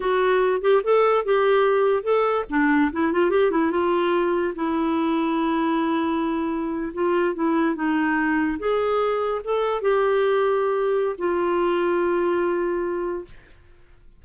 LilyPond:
\new Staff \with { instrumentName = "clarinet" } { \time 4/4 \tempo 4 = 145 fis'4. g'8 a'4 g'4~ | g'4 a'4 d'4 e'8 f'8 | g'8 e'8 f'2 e'4~ | e'1~ |
e'8. f'4 e'4 dis'4~ dis'16~ | dis'8. gis'2 a'4 g'16~ | g'2. f'4~ | f'1 | }